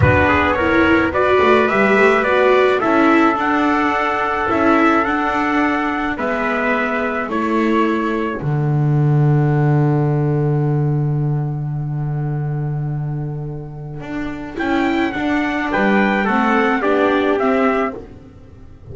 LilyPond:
<<
  \new Staff \with { instrumentName = "trumpet" } { \time 4/4 \tempo 4 = 107 b'4 cis''4 d''4 e''4 | d''4 e''4 fis''2 | e''4 fis''2 e''4~ | e''4 cis''2 fis''4~ |
fis''1~ | fis''1~ | fis''2 g''4 fis''4 | g''4 fis''4 d''4 e''4 | }
  \new Staff \with { instrumentName = "trumpet" } { \time 4/4 fis'8 gis'8 ais'4 b'2~ | b'4 a'2.~ | a'2. b'4~ | b'4 a'2.~ |
a'1~ | a'1~ | a'1 | b'4 a'4 g'2 | }
  \new Staff \with { instrumentName = "viola" } { \time 4/4 d'4 e'4 fis'4 g'4 | fis'4 e'4 d'2 | e'4 d'2 b4~ | b4 e'2 d'4~ |
d'1~ | d'1~ | d'2 e'4 d'4~ | d'4 c'4 d'4 c'4 | }
  \new Staff \with { instrumentName = "double bass" } { \time 4/4 b2~ b8 a8 g8 a8 | b4 cis'4 d'2 | cis'4 d'2 gis4~ | gis4 a2 d4~ |
d1~ | d1~ | d4 d'4 cis'4 d'4 | g4 a4 b4 c'4 | }
>>